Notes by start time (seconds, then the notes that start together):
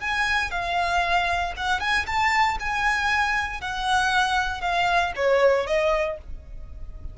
0.00 G#5
0.51 F5
1.57 F#5
1.80 G#5
2.06 A5
2.60 G#5
3.61 F#5
4.61 F5
5.16 C#5
5.66 D#5